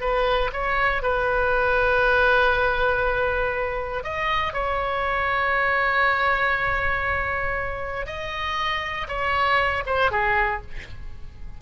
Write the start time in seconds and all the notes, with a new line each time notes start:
0.00 B4
0.52 C#5
1.02 B4
4.03 D#5
4.53 C#5
8.06 D#5
9.08 C#5
9.86 C5
10.11 G#4